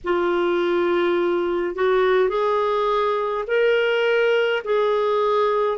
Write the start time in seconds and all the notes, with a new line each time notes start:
0.04 F4
1.75 F#4
2.29 G#4
3.47 A#4
4.64 G#4